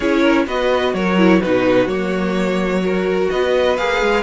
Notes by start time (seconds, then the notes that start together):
0.00 C#4 E4 G#4 C#5
0.21 A#4
0.46 B3 F#4 B4 D#5
0.94 F#3 A#4 C#5
1.18 E4
1.41 B2 D#4 F#4 B4
1.86 F#3 A#3 C#5
2.83 F#4 A#4
3.29 B3 B4 D#5
3.76 A#3 G#4 F5
4.01 G#3